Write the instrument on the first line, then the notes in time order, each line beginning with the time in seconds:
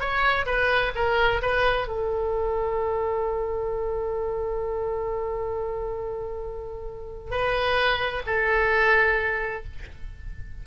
oboe
0.00 C#5
0.46 B4
0.95 A#4
1.42 B4
1.88 A4
7.31 B4
8.27 A4